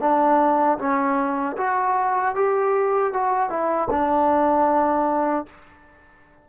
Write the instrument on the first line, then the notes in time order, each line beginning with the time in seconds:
trombone
0.00 D4
0.78 C#4
1.57 F#4
2.35 G4
3.13 F#4
3.49 E4
3.90 D4